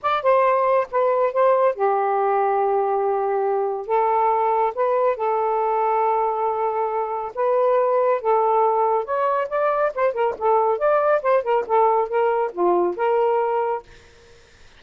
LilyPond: \new Staff \with { instrumentName = "saxophone" } { \time 4/4 \tempo 4 = 139 d''8 c''4. b'4 c''4 | g'1~ | g'4 a'2 b'4 | a'1~ |
a'4 b'2 a'4~ | a'4 cis''4 d''4 c''8 ais'8 | a'4 d''4 c''8 ais'8 a'4 | ais'4 f'4 ais'2 | }